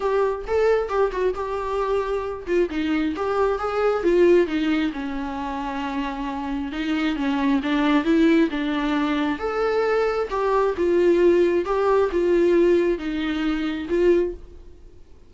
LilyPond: \new Staff \with { instrumentName = "viola" } { \time 4/4 \tempo 4 = 134 g'4 a'4 g'8 fis'8 g'4~ | g'4. f'8 dis'4 g'4 | gis'4 f'4 dis'4 cis'4~ | cis'2. dis'4 |
cis'4 d'4 e'4 d'4~ | d'4 a'2 g'4 | f'2 g'4 f'4~ | f'4 dis'2 f'4 | }